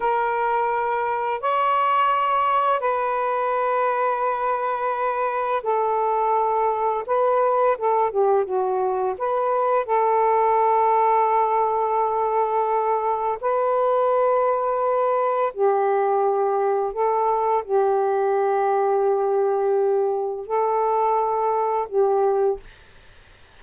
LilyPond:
\new Staff \with { instrumentName = "saxophone" } { \time 4/4 \tempo 4 = 85 ais'2 cis''2 | b'1 | a'2 b'4 a'8 g'8 | fis'4 b'4 a'2~ |
a'2. b'4~ | b'2 g'2 | a'4 g'2.~ | g'4 a'2 g'4 | }